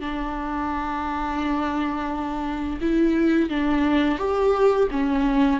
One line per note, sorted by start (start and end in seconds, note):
0.00 2.79 D4
2.81 3.49 E4
3.49 4.18 D4
4.18 4.88 G4
4.91 5.60 C#4